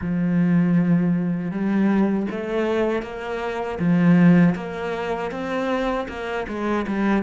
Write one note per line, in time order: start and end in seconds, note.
0.01 1.51 F3
1.51 2.26 G3
2.30 3.02 A3
3.02 3.78 A#3
3.79 4.55 F3
4.55 5.31 A#3
5.31 6.07 C4
6.08 6.46 A#3
6.48 6.86 G#3
6.87 7.23 G3